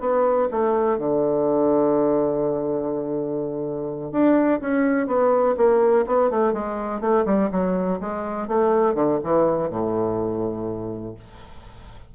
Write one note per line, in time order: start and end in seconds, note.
0.00 0.48 B3
0.51 0.98 A3
0.98 4.11 D3
4.11 4.60 D4
4.60 5.07 C#4
5.07 5.55 B3
5.56 6.05 A#3
6.06 6.30 B3
6.30 6.52 A3
6.52 7.00 G#3
7.00 7.24 A3
7.25 7.49 G3
7.51 7.99 F#3
8.00 8.47 G#3
8.47 8.94 A3
8.94 9.18 D3
9.23 9.69 E3
9.69 11.14 A2